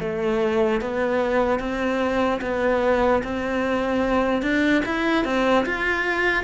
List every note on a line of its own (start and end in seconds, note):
0.00 0.81 A3
0.81 1.60 B3
1.60 2.41 C4
2.42 3.23 B3
3.24 4.43 C4
4.43 4.83 D4
4.86 5.25 E4
5.25 5.66 C4
5.66 6.44 F4